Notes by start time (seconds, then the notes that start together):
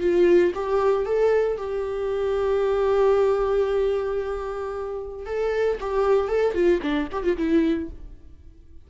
0.00 F4
0.54 G4
1.05 A4
1.57 G4
5.26 A4
5.80 G4
6.28 A4
6.54 F4
6.82 D4
7.12 G4
7.23 F4
7.37 E4